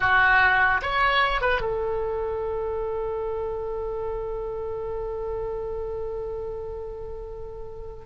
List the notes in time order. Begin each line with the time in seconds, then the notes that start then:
0.00 F#4
0.82 C#5
1.41 B4
1.61 A4